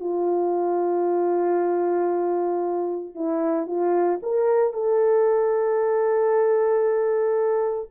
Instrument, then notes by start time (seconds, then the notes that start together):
horn
0.00 F4
3.15 E4
3.67 F4
4.22 A#4
4.73 A4